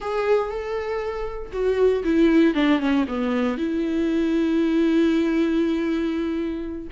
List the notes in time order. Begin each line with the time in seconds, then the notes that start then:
0.00 G#4
0.49 A4
1.52 F#4
2.04 E4
2.54 D4
2.79 C#4
3.08 B3
3.57 E4